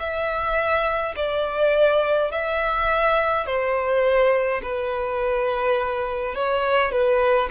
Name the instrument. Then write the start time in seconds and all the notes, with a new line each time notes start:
violin
0.00 E5
1.16 D5
2.31 E5
3.46 C5
4.63 B4
6.35 C#5
6.92 B4